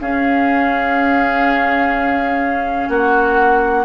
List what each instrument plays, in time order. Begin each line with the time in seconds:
0.00 bassoon C#4, clarinet C#4, oboe G#4, flute F5
2.89 bassoon A#3, oboe F#4, flute F#5